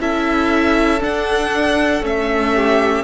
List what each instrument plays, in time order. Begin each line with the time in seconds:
0.00 cello C#4, viola E4, violin A4 E5
1.00 viola D4, cello D4, violin F#5
2.01 cello A3, viola C#4, violin E5
2.54 violin G4